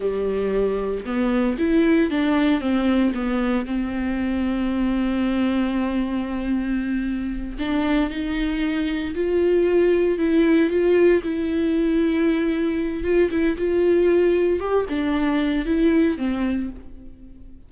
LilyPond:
\new Staff \with { instrumentName = "viola" } { \time 4/4 \tempo 4 = 115 g2 b4 e'4 | d'4 c'4 b4 c'4~ | c'1~ | c'2~ c'8 d'4 dis'8~ |
dis'4. f'2 e'8~ | e'8 f'4 e'2~ e'8~ | e'4 f'8 e'8 f'2 | g'8 d'4. e'4 c'4 | }